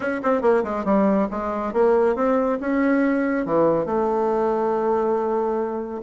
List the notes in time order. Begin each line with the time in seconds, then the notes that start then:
0.00 C#4
0.23 C4
0.41 A#3
0.63 G#3
0.84 G3
1.30 G#3
1.73 A#3
2.15 C4
2.60 C#4
3.45 E3
3.85 A3